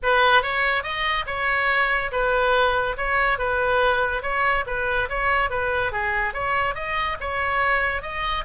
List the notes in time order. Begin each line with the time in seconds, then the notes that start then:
0.02 B4
0.42 C#5
0.83 D#5
1.26 C#5
2.11 B4
2.97 C#5
3.38 B4
4.22 C#5
4.66 B4
5.09 C#5
5.49 B4
5.92 G#4
6.33 C#5
6.75 D#5
7.20 C#5
8.02 D#5